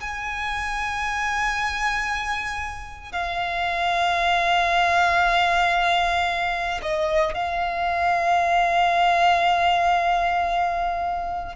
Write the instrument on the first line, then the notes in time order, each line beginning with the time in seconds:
violin
0.00 G#5
3.12 F5
6.82 D#5
7.34 F5